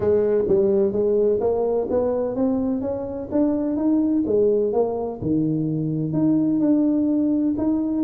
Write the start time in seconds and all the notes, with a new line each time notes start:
0.00 G#3
0.48 G3
0.92 G#3
1.40 A#3
1.90 B3
2.35 C4
2.81 C#4
3.31 D4
3.76 D#4
4.26 G#3
4.72 A#3
5.21 D#3
6.12 D#4
6.60 D4
7.57 D#4